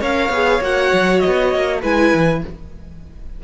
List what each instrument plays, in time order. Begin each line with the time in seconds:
0.00 cello C#4, viola A#4, violin C#5 F5
0.29 cello B3, viola G#4
0.61 cello A#3, viola F#4, violin F#5
0.92 cello F#3
1.19 violin D#5
1.26 cello B3
1.54 cello A#3
1.81 cello G#3, viola E4, violin B4 G#5
2.14 cello E3